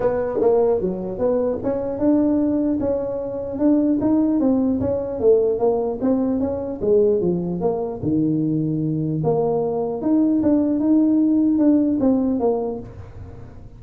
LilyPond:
\new Staff \with { instrumentName = "tuba" } { \time 4/4 \tempo 4 = 150 b4 ais4 fis4 b4 | cis'4 d'2 cis'4~ | cis'4 d'4 dis'4 c'4 | cis'4 a4 ais4 c'4 |
cis'4 gis4 f4 ais4 | dis2. ais4~ | ais4 dis'4 d'4 dis'4~ | dis'4 d'4 c'4 ais4 | }